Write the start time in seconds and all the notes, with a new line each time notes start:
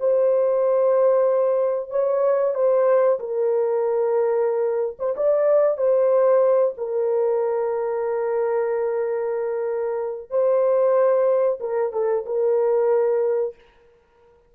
0.00 C5
1.91 C#5
2.55 C5
3.20 A#4
4.99 C5
5.17 D5
5.78 C5
6.78 A#4
10.30 C5
11.61 A#4
11.93 A4
12.26 A#4